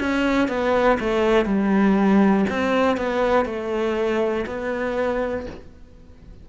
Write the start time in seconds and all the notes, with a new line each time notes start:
0.00 C#4
0.48 B3
1.00 A3
1.45 G3
2.50 C4
2.97 B3
3.45 A3
4.46 B3